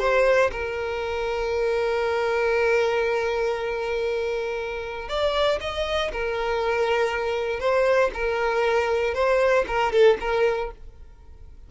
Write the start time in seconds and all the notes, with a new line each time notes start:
0.00 C5
0.52 A#4
5.09 D5
5.61 D#5
6.13 A#4
7.60 C5
8.14 A#4
9.15 C5
9.68 A#4
9.92 A4
10.21 A#4